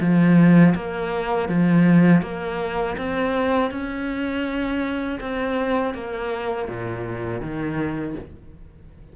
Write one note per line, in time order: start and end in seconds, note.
0.00 0.74 F3
0.75 1.48 A#3
1.48 2.22 F3
2.22 2.96 A#3
2.97 3.71 C4
3.71 5.19 C#4
5.20 5.94 C4
5.94 6.68 A#3
6.68 7.41 A#2
7.41 8.15 D#3